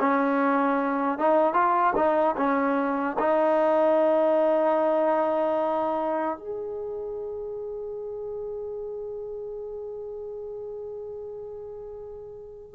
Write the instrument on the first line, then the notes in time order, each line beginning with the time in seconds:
trombone
0.00 C#4
1.19 D#4
1.54 F4
1.96 D#4
2.37 C#4
3.19 D#4
6.39 G#4